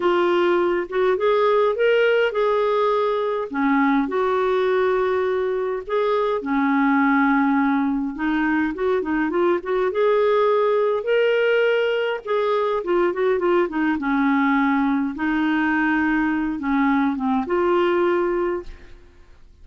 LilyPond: \new Staff \with { instrumentName = "clarinet" } { \time 4/4 \tempo 4 = 103 f'4. fis'8 gis'4 ais'4 | gis'2 cis'4 fis'4~ | fis'2 gis'4 cis'4~ | cis'2 dis'4 fis'8 dis'8 |
f'8 fis'8 gis'2 ais'4~ | ais'4 gis'4 f'8 fis'8 f'8 dis'8 | cis'2 dis'2~ | dis'8 cis'4 c'8 f'2 | }